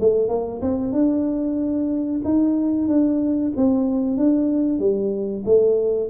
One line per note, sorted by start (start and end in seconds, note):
0.00 0.29 A3
0.29 0.61 A#3
0.62 0.92 C4
0.92 2.21 D4
2.24 2.88 D#4
2.88 3.53 D4
3.56 4.17 C4
4.17 4.79 D4
4.79 5.44 G3
5.45 6.10 A3